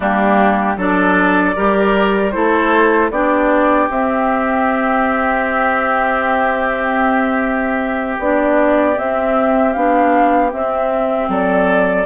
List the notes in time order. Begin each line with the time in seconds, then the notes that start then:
0.00 G3 A#3 D4 G4
0.76 F#3 D4 A4 D5
1.55 G3 G4 A#4
2.31 A3 E4 A4 C5
3.10 B3 D4 G4 D5
3.89 C4 E5
8.18 B3 D4 D5
8.95 C4 E5
9.73 B3 D4 F5
10.50 C4 E5
11.28 F#3 A4 D5